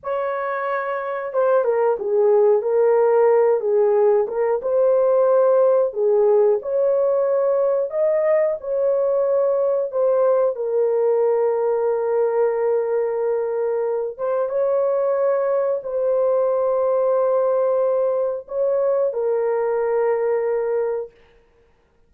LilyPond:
\new Staff \with { instrumentName = "horn" } { \time 4/4 \tempo 4 = 91 cis''2 c''8 ais'8 gis'4 | ais'4. gis'4 ais'8 c''4~ | c''4 gis'4 cis''2 | dis''4 cis''2 c''4 |
ais'1~ | ais'4. c''8 cis''2 | c''1 | cis''4 ais'2. | }